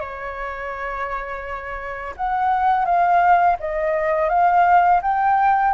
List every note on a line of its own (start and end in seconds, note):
0.00 2.14 C#5
2.17 2.85 F#5
2.85 3.56 F5
3.60 4.29 D#5
4.29 5.01 F5
5.02 5.73 G5